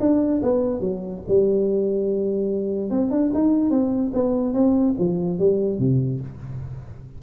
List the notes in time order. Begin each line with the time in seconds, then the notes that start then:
0.00 D4
0.43 B3
0.81 F#3
1.28 G3
2.91 C4
3.11 D4
3.34 D#4
3.71 C4
4.14 B3
4.54 C4
4.99 F3
5.39 G3
5.79 C3